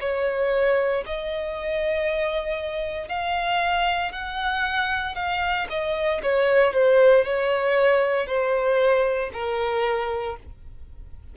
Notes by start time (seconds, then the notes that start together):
0.00 C#5
1.06 D#5
3.08 F5
4.11 F#5
5.15 F5
5.69 D#5
6.23 C#5
6.73 C5
7.25 C#5
8.27 C5
9.33 A#4